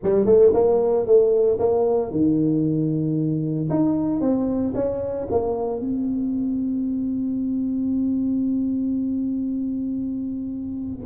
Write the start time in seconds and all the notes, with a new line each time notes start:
0.03 G3
0.25 A3
0.53 A#3
1.06 A3
1.59 A#3
2.11 D#3
3.70 D#4
4.21 C4
4.74 C#4
5.30 A#3
5.80 C4